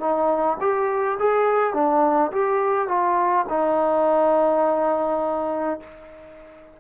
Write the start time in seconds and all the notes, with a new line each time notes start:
0.00 D#4
0.61 G4
1.20 G#4
1.74 D4
2.32 G4
2.88 F4
3.49 D#4